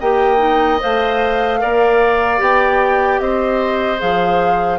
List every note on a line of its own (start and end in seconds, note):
0.00 0.81 A#3
0.00 0.38 G4
0.00 1.60 D#5
0.00 0.81 G5
0.38 0.78 D#4
0.80 1.63 A3
0.80 1.59 C5
0.80 2.42 F5
1.59 2.40 A#3
1.59 2.38 A#4
1.59 3.21 D5
2.38 3.20 B3
2.38 3.98 G4
2.38 3.20 G5
3.20 4.00 C4
3.20 4.79 C5
3.20 4.00 D#5
3.98 4.79 F3
3.98 4.78 G#4
3.98 4.79 F5